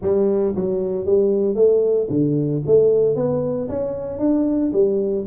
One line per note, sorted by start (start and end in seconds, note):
0.02 0.54 G3
0.55 1.05 F#3
1.05 1.55 G3
1.55 2.08 A3
2.09 2.62 D3
2.66 3.15 A3
3.15 3.68 B3
3.68 4.18 C#4
4.18 4.71 D4
4.72 5.25 G3